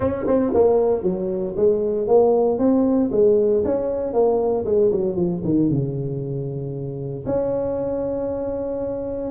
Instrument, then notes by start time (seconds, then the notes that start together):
tuba
0.00 C#4
0.26 C4
0.54 A#3
1.03 F#3
1.56 G#3
2.07 A#3
2.58 C4
3.11 G#3
3.65 C#4
4.13 A#3
4.65 G#3
4.91 F#3
5.16 F3
5.44 D#3
5.69 C#3
7.25 C#4